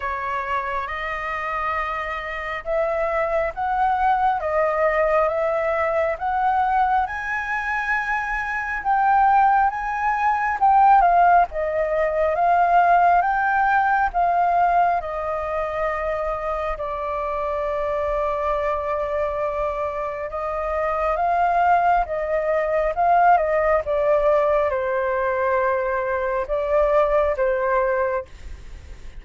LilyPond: \new Staff \with { instrumentName = "flute" } { \time 4/4 \tempo 4 = 68 cis''4 dis''2 e''4 | fis''4 dis''4 e''4 fis''4 | gis''2 g''4 gis''4 | g''8 f''8 dis''4 f''4 g''4 |
f''4 dis''2 d''4~ | d''2. dis''4 | f''4 dis''4 f''8 dis''8 d''4 | c''2 d''4 c''4 | }